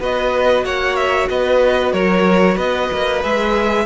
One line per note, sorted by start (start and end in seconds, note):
0.00 0.65 B3
0.00 3.23 F#4
0.00 0.65 B4
0.00 0.66 D#5
0.65 1.29 A#3
0.65 1.30 C#5
0.65 0.96 F#5
0.96 1.28 E5
1.30 1.93 B3
1.30 1.93 B4
1.30 1.93 D#5
1.93 2.57 F#3
1.93 2.55 A#4
1.93 2.58 C#5
2.55 2.89 B3
2.55 3.84 B4
2.55 3.22 D#5
2.93 3.25 A#3
3.23 3.86 G#3
3.23 3.86 G#4
3.23 3.86 E5